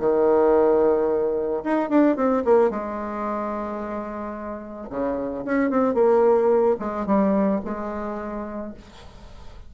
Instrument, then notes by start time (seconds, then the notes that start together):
bassoon
0.00 D#3
1.64 D#4
1.89 D4
2.16 C4
2.45 A#3
2.70 G#3
4.90 C#3
5.45 C#4
5.70 C4
5.95 A#3
6.80 G#3
7.06 G3
7.65 G#3